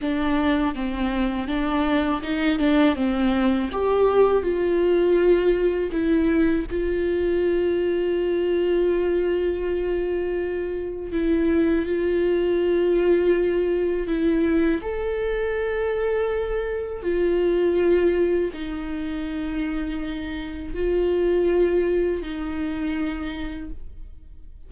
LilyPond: \new Staff \with { instrumentName = "viola" } { \time 4/4 \tempo 4 = 81 d'4 c'4 d'4 dis'8 d'8 | c'4 g'4 f'2 | e'4 f'2.~ | f'2. e'4 |
f'2. e'4 | a'2. f'4~ | f'4 dis'2. | f'2 dis'2 | }